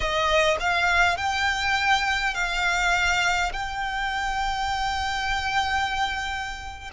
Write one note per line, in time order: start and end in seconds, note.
0.00 0.56 D#5
0.59 1.17 F5
1.17 2.34 G5
2.34 3.52 F5
3.52 6.90 G5